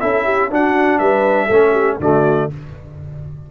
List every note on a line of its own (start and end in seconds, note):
0.00 0.51 C#4
0.00 0.50 E4
0.00 0.24 A4
0.00 0.50 E5
0.24 0.49 G4
0.51 1.50 D4
0.51 0.99 D4
0.51 0.99 F#4
0.51 0.98 F#5
0.98 1.49 G3
0.98 1.46 B4
0.98 1.97 E5
1.46 1.99 A3
1.46 2.00 C#4
1.46 1.71 A4
1.71 1.96 G4
1.99 2.49 D3
1.99 2.50 A3
1.99 2.51 F#4
1.99 2.51 D5